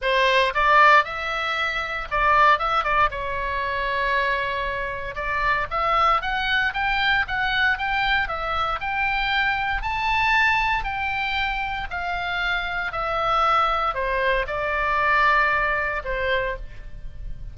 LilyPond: \new Staff \with { instrumentName = "oboe" } { \time 4/4 \tempo 4 = 116 c''4 d''4 e''2 | d''4 e''8 d''8 cis''2~ | cis''2 d''4 e''4 | fis''4 g''4 fis''4 g''4 |
e''4 g''2 a''4~ | a''4 g''2 f''4~ | f''4 e''2 c''4 | d''2. c''4 | }